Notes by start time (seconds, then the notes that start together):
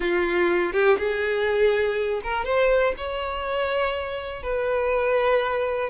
0.00 F4
0.72 G4
0.98 G#4
2.23 A#4
2.44 C5
2.97 C#5
4.42 B4